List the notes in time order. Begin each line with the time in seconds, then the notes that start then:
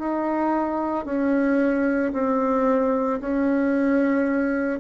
0.00 D#4
1.06 C#4
2.13 C4
3.21 C#4